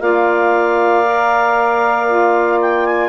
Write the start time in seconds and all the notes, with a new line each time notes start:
0.00 A#3 F4 D5 F5
1.06 A#4
2.07 F4
2.62 G5
2.86 G#5